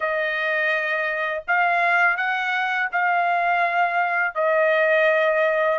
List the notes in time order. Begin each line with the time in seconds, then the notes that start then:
0.00 D#5
1.47 F5
2.16 F#5
2.91 F5
4.34 D#5